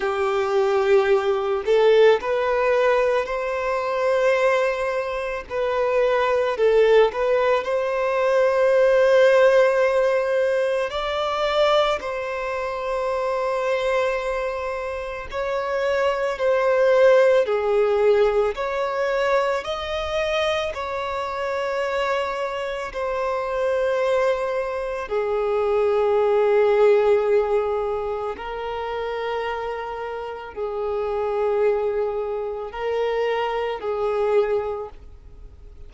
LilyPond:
\new Staff \with { instrumentName = "violin" } { \time 4/4 \tempo 4 = 55 g'4. a'8 b'4 c''4~ | c''4 b'4 a'8 b'8 c''4~ | c''2 d''4 c''4~ | c''2 cis''4 c''4 |
gis'4 cis''4 dis''4 cis''4~ | cis''4 c''2 gis'4~ | gis'2 ais'2 | gis'2 ais'4 gis'4 | }